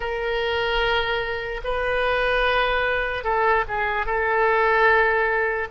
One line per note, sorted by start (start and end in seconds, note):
0.00 1.61 A#4
1.64 3.24 B4
3.24 3.64 A4
3.68 4.05 G#4
4.05 5.68 A4